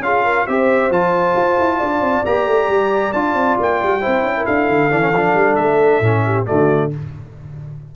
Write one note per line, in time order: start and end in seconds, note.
0.00 0.44 C#4
0.00 0.48 F4
0.00 0.24 G#4
0.00 0.47 F5
0.24 0.46 A#4
0.47 0.90 C4
0.47 0.92 G4
0.47 1.78 C5
0.47 0.91 E5
0.90 1.35 F3
0.90 2.25 F4
0.90 2.25 A5
1.36 1.58 F4
1.59 1.81 E4
1.78 2.00 D4
1.78 4.00 D5
2.00 2.23 C4
2.25 2.46 A#3
2.25 3.14 G4
2.25 3.13 A#5
2.46 2.68 A3
2.68 3.13 G3
3.13 3.34 D4
3.13 4.01 F4
3.13 3.57 A5
3.34 3.56 C4
3.60 3.82 A#3
3.60 4.46 G5
3.83 4.05 G3
4.00 4.23 C4
4.00 4.90 E4
4.00 4.34 C5
4.23 4.45 C#4
4.37 4.46 A#4
4.46 4.70 D4
4.46 6.23 A4
4.46 5.56 F5
4.70 4.91 D3
4.90 5.13 E3
4.90 5.01 D4
5.01 5.12 C#4
5.13 5.34 F3
5.13 6.03 D4
5.34 5.56 G3
5.56 6.00 A3
5.56 6.44 E5
6.00 6.45 A2
6.00 6.46 C#4
6.25 6.46 G4
6.46 6.95 D3
6.46 6.90 A3
6.46 6.91 F#4
6.46 6.91 D5